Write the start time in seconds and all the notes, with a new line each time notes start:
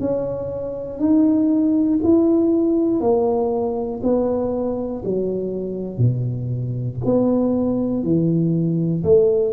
0.00 C#4
0.99 D#4
2.03 E4
3.00 A#3
4.02 B3
5.05 F#3
5.97 B2
7.05 B3
8.03 E3
9.04 A3